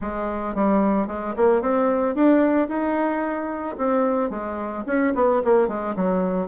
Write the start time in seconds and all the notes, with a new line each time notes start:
0.01 G#3
0.54 G3
1.07 G#3
1.36 A#3
1.61 C4
2.15 D4
2.68 D#4
3.77 C4
4.29 G#3
4.86 C#4
5.14 B3
5.44 A#3
5.68 G#3
5.96 F#3